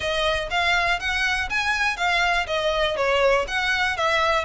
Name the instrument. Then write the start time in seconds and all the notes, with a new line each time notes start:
violin
0.00 D#5
0.50 F5
0.99 F#5
1.49 G#5
1.97 F5
2.46 D#5
2.96 C#5
3.47 F#5
3.96 E5